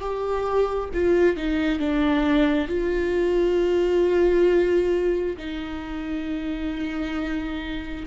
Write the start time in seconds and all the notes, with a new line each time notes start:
0.00 G4
0.94 F4
1.36 D#4
1.80 D4
2.68 F4
5.37 D#4